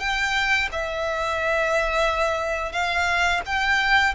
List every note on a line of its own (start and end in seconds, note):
0.00 0.69 G5
0.72 2.72 E5
2.72 3.41 F5
3.46 4.15 G5